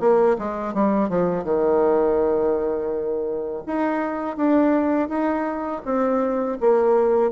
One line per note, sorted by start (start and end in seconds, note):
0.00 0.37 A#3
0.38 0.74 G#3
0.74 1.09 G3
1.09 1.44 F3
1.44 3.63 D#3
3.66 4.37 D#4
4.37 5.09 D4
5.09 5.82 D#4
5.85 6.59 C4
6.60 7.31 A#3